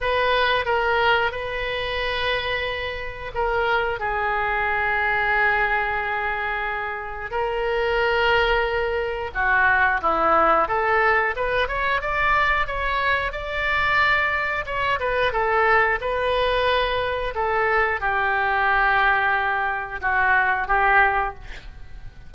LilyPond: \new Staff \with { instrumentName = "oboe" } { \time 4/4 \tempo 4 = 90 b'4 ais'4 b'2~ | b'4 ais'4 gis'2~ | gis'2. ais'4~ | ais'2 fis'4 e'4 |
a'4 b'8 cis''8 d''4 cis''4 | d''2 cis''8 b'8 a'4 | b'2 a'4 g'4~ | g'2 fis'4 g'4 | }